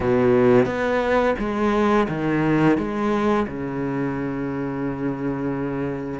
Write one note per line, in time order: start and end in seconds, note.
0.00 0.66 B2
0.66 1.34 B3
1.38 2.07 G#3
2.08 2.77 D#3
2.77 3.46 G#3
3.47 6.19 C#3